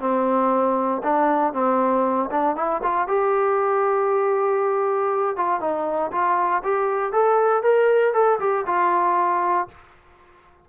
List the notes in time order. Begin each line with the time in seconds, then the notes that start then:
0.00 C4
1.03 D4
1.53 C4
2.31 D4
2.56 E4
2.83 F4
3.07 G4
5.36 F4
5.60 D#4
6.12 F4
6.64 G4
7.13 A4
7.63 A#4
8.14 A4
8.40 G4
8.66 F4